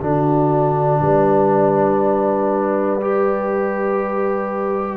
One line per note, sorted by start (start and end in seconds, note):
0.00 1.01 D3
0.00 3.01 D4
0.00 1.01 F#4
0.00 4.97 D5
1.01 4.97 G3
1.01 4.97 B4
3.01 4.97 G4